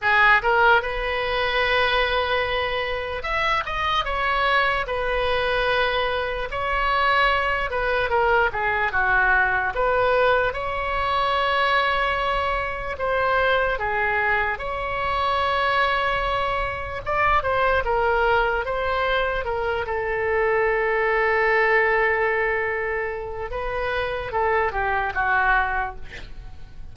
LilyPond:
\new Staff \with { instrumentName = "oboe" } { \time 4/4 \tempo 4 = 74 gis'8 ais'8 b'2. | e''8 dis''8 cis''4 b'2 | cis''4. b'8 ais'8 gis'8 fis'4 | b'4 cis''2. |
c''4 gis'4 cis''2~ | cis''4 d''8 c''8 ais'4 c''4 | ais'8 a'2.~ a'8~ | a'4 b'4 a'8 g'8 fis'4 | }